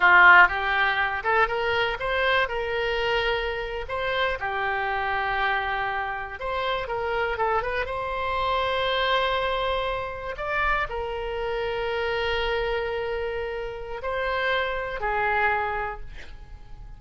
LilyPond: \new Staff \with { instrumentName = "oboe" } { \time 4/4 \tempo 4 = 120 f'4 g'4. a'8 ais'4 | c''4 ais'2~ ais'8. c''16~ | c''8. g'2.~ g'16~ | g'8. c''4 ais'4 a'8 b'8 c''16~ |
c''1~ | c''8. d''4 ais'2~ ais'16~ | ais'1 | c''2 gis'2 | }